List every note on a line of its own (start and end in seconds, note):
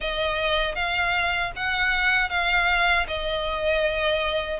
0.00 0.75 D#5
0.75 1.52 F5
1.56 2.29 F#5
2.29 3.06 F5
3.07 4.60 D#5